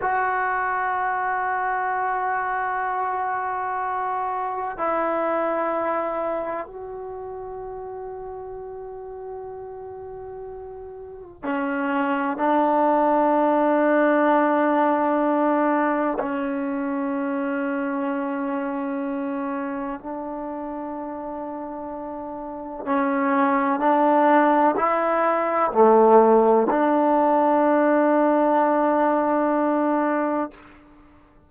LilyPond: \new Staff \with { instrumentName = "trombone" } { \time 4/4 \tempo 4 = 63 fis'1~ | fis'4 e'2 fis'4~ | fis'1 | cis'4 d'2.~ |
d'4 cis'2.~ | cis'4 d'2. | cis'4 d'4 e'4 a4 | d'1 | }